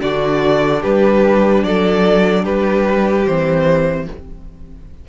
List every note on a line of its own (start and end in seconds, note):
0.00 0.84 D3
0.00 3.24 D4
0.00 0.81 F#4
0.00 0.82 D5
0.81 1.64 G3
0.81 1.62 G4
0.81 1.64 B4
1.64 2.45 F#3
1.64 2.43 A4
1.64 2.45 D5
2.43 3.26 G3
2.43 4.05 G4
2.43 3.26 B4
3.26 4.08 E3
3.26 4.08 C4
3.26 4.07 C5